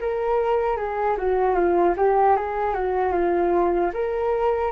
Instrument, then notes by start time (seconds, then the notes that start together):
flute
0.00 A#4
0.77 G#4
1.17 F#4
1.54 F4
1.97 G4
2.36 G#4
2.74 F#4
3.12 F4
3.93 A#4